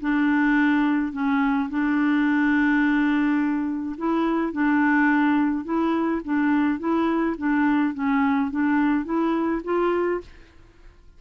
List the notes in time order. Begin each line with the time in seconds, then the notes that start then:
0.00 D4
1.12 C#4
1.69 D4
3.98 E4
4.52 D4
5.64 E4
6.24 D4
6.79 E4
7.37 D4
7.94 C#4
8.50 D4
9.05 E4
9.64 F4